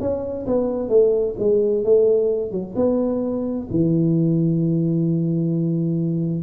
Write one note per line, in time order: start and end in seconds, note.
0.00 0.46 C#4
0.46 0.89 B3
0.89 1.35 A3
1.39 1.84 G#3
1.84 2.51 A3
2.51 2.74 F#3
2.76 3.68 B3
3.70 6.43 E3